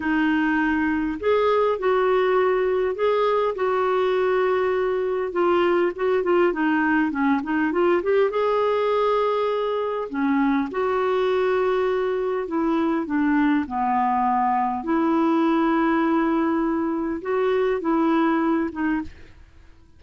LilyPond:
\new Staff \with { instrumentName = "clarinet" } { \time 4/4 \tempo 4 = 101 dis'2 gis'4 fis'4~ | fis'4 gis'4 fis'2~ | fis'4 f'4 fis'8 f'8 dis'4 | cis'8 dis'8 f'8 g'8 gis'2~ |
gis'4 cis'4 fis'2~ | fis'4 e'4 d'4 b4~ | b4 e'2.~ | e'4 fis'4 e'4. dis'8 | }